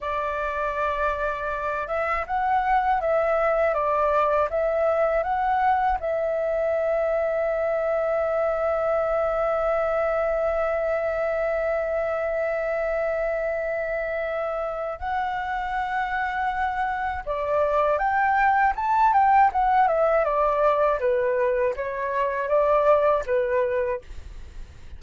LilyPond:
\new Staff \with { instrumentName = "flute" } { \time 4/4 \tempo 4 = 80 d''2~ d''8 e''8 fis''4 | e''4 d''4 e''4 fis''4 | e''1~ | e''1~ |
e''1 | fis''2. d''4 | g''4 a''8 g''8 fis''8 e''8 d''4 | b'4 cis''4 d''4 b'4 | }